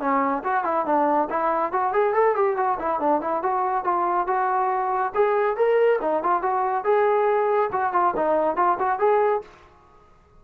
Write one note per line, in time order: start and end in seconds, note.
0.00 0.43 C#4
0.44 0.64 F#4
0.64 0.86 E4
0.86 1.29 D4
1.30 1.72 E4
1.72 1.93 F#4
1.93 2.14 G#4
2.14 2.36 A4
2.36 2.57 G4
2.57 2.78 F#4
2.79 3.00 E4
3.00 3.21 D4
3.21 3.43 E4
3.43 3.84 F#4
3.84 4.27 F4
4.27 5.13 F#4
5.15 5.57 G#4
5.57 5.99 A#4
6.02 6.23 D#4
6.23 6.42 F4
6.42 6.84 F#4
6.84 7.70 G#4
7.72 7.93 F#4
7.93 8.14 F4
8.16 8.56 D#4
8.56 8.78 F4
8.79 8.99 F#4
8.99 9.42 G#4